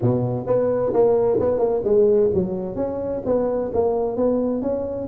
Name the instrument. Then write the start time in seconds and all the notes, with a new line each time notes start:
tuba
0.01 B2
0.46 B3
0.93 A#3
1.39 B3
1.58 A#3
1.84 G#3
2.33 F#3
2.75 C#4
3.25 B3
3.73 A#3
4.16 B3
4.62 C#4